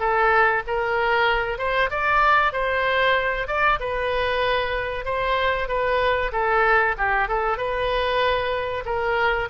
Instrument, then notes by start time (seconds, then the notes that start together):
oboe
0.00 A4
0.67 A#4
1.59 C5
1.91 D5
2.53 C5
3.48 D5
3.80 B4
5.05 C5
5.69 B4
6.33 A4
6.98 G4
7.29 A4
7.58 B4
8.86 A#4